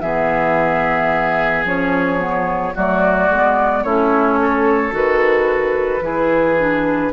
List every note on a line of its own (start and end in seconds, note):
0.00 1.64 E3
0.00 1.65 B3
0.00 2.74 G#4
0.00 1.64 E5
1.64 2.73 F3
1.64 2.18 C#4
1.64 2.75 C#5
2.18 2.72 B3
2.74 3.29 F#3
2.74 3.30 A3
2.74 3.83 F#4
2.74 3.83 D5
3.29 3.83 G#3
3.29 3.85 B3
3.83 4.92 A3
3.83 4.91 C#4
3.83 4.38 E4
3.83 4.92 C#5
4.41 6.04 A4
4.91 6.00 D#3
4.91 6.00 F#4
4.91 7.12 B4
6.00 7.10 E3
6.00 6.55 E4
6.00 7.12 G#4
6.59 7.12 D4